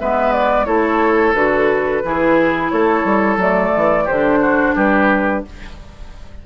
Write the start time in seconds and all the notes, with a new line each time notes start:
0.00 G#3 B3 B4 E5
0.33 D5
0.66 A3 E4 A4 C#5
1.34 D3 F#4 B4
2.04 E3 E4 G#4
2.70 A3 A4 C#5
3.05 G3
3.37 F#3 A3 D5
3.76 E3
4.05 D3 D4 G4 C5
4.41 F#4
4.76 G3 G4 B4